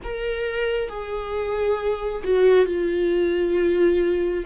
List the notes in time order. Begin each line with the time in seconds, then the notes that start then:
0.03 A#4
0.88 G#4
2.23 F#4
2.65 F4